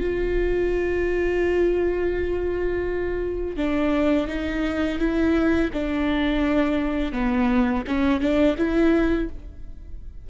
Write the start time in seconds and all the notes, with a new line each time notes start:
0.00 F4
3.57 D4
4.27 D#4
4.99 E4
5.73 D4
7.12 B3
7.87 C#4
8.20 D4
8.58 E4